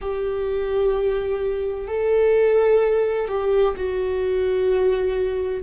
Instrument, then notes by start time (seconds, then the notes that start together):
viola
0.01 G4
1.87 A4
3.28 G4
3.76 F#4